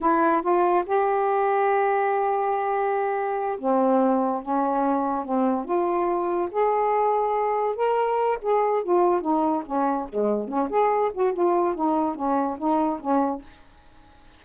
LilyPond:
\new Staff \with { instrumentName = "saxophone" } { \time 4/4 \tempo 4 = 143 e'4 f'4 g'2~ | g'1~ | g'8 c'2 cis'4.~ | cis'8 c'4 f'2 gis'8~ |
gis'2~ gis'8 ais'4. | gis'4 f'4 dis'4 cis'4 | gis4 cis'8 gis'4 fis'8 f'4 | dis'4 cis'4 dis'4 cis'4 | }